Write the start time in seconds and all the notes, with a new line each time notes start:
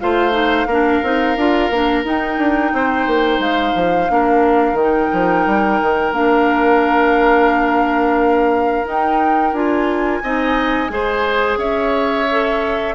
0.00 A3 F4 C5 F5
0.32 D#4
0.66 A#3 D4 A#4
1.03 C4 D#4
1.37 D4 F4
1.70 A#3 D4
2.04 D#4 G5
2.38 D4
2.73 C4 C5
3.07 A#3
3.39 G#3 F5
3.75 F3
4.09 A#3 D4 A#4
4.73 D#3 G5
4.80 D#4
5.13 F3
5.47 G3
5.82 D#3
6.12 A#3 D4 F5
8.85 D#4 G5
9.53 D4 F4 G#5
10.23 C4 D#4 D#5
10.90 G#3 G#4 C5
11.57 C#4 C#5 E5
12.31 A4